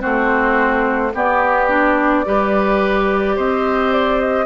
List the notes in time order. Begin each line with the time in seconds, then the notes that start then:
0.00 A3 C4 F#4 C5
1.15 B3 G4 D5
1.69 D4
2.25 G3 G4 B4
3.36 C4 C5 D#5
3.93 D5
4.20 D#5